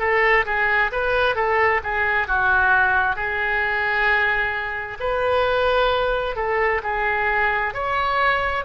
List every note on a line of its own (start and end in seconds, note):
0.00 0.45 A4
0.46 0.91 G#4
0.93 1.36 B4
1.36 1.81 A4
1.84 2.28 G#4
2.28 3.17 F#4
3.17 4.98 G#4
5.00 6.36 B4
6.36 6.82 A4
6.83 7.74 G#4
7.74 8.65 C#5